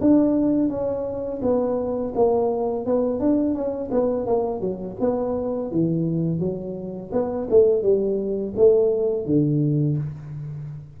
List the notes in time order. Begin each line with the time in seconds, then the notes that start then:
0.00 D4
0.69 C#4
1.42 B3
2.14 A#3
2.85 B3
3.19 D4
3.54 C#4
3.91 B3
4.26 A#3
4.60 F#3
5.00 B3
5.71 E3
6.39 F#3
7.12 B3
7.50 A3
7.82 G3
8.56 A3
9.25 D3